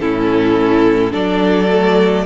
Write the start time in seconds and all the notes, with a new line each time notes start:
0.00 A2 C#4 E4 A4
1.11 F#3 D4 A4 D5
1.71 A3